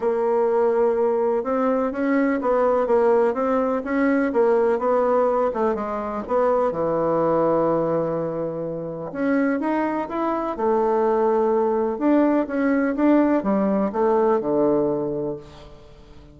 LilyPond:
\new Staff \with { instrumentName = "bassoon" } { \time 4/4 \tempo 4 = 125 ais2. c'4 | cis'4 b4 ais4 c'4 | cis'4 ais4 b4. a8 | gis4 b4 e2~ |
e2. cis'4 | dis'4 e'4 a2~ | a4 d'4 cis'4 d'4 | g4 a4 d2 | }